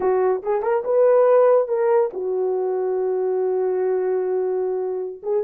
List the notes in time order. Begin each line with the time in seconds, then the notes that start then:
0.00 F#4
0.42 G#4
0.62 A#4
0.84 B4
1.68 A#4
2.13 F#4
5.22 G#4